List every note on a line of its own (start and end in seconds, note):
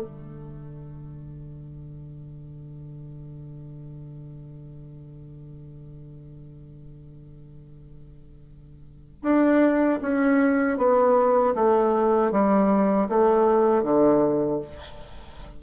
0.00 9.22 D3
9.22 9.99 D4
10.02 10.77 C#4
10.77 11.54 B3
11.55 12.31 A3
12.31 13.08 G3
13.09 13.83 A3
13.83 14.60 D3